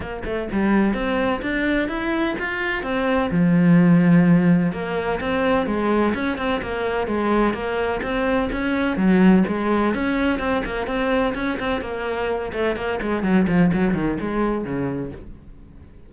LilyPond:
\new Staff \with { instrumentName = "cello" } { \time 4/4 \tempo 4 = 127 ais8 a8 g4 c'4 d'4 | e'4 f'4 c'4 f4~ | f2 ais4 c'4 | gis4 cis'8 c'8 ais4 gis4 |
ais4 c'4 cis'4 fis4 | gis4 cis'4 c'8 ais8 c'4 | cis'8 c'8 ais4. a8 ais8 gis8 | fis8 f8 fis8 dis8 gis4 cis4 | }